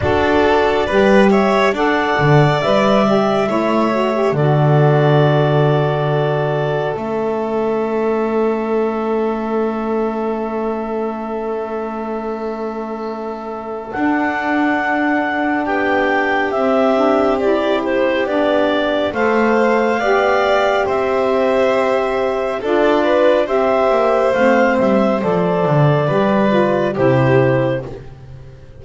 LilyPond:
<<
  \new Staff \with { instrumentName = "clarinet" } { \time 4/4 \tempo 4 = 69 d''4. e''8 fis''4 e''4~ | e''4 d''2. | e''1~ | e''1 |
fis''2 g''4 e''4 | d''8 c''8 d''4 f''2 | e''2 d''4 e''4 | f''8 e''8 d''2 c''4 | }
  \new Staff \with { instrumentName = "violin" } { \time 4/4 a'4 b'8 cis''8 d''2 | cis''4 a'2.~ | a'1~ | a'1~ |
a'2 g'2~ | g'2 c''4 d''4 | c''2 a'8 b'8 c''4~ | c''2 b'4 g'4 | }
  \new Staff \with { instrumentName = "saxophone" } { \time 4/4 fis'4 g'4 a'4 b'8 g'8 | e'8 fis'16 g'16 fis'2. | cis'1~ | cis'1 |
d'2. c'8 d'8 | e'4 d'4 a'4 g'4~ | g'2 f'4 g'4 | c'4 a'4 g'8 f'8 e'4 | }
  \new Staff \with { instrumentName = "double bass" } { \time 4/4 d'4 g4 d'8 d8 g4 | a4 d2. | a1~ | a1 |
d'2 b4 c'4~ | c'4 b4 a4 b4 | c'2 d'4 c'8 ais8 | a8 g8 f8 d8 g4 c4 | }
>>